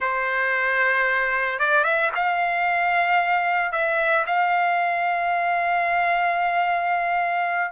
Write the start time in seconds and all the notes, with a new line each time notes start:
0.00 C5
1.59 D5
1.84 E5
2.15 F5
3.72 E5
4.26 F5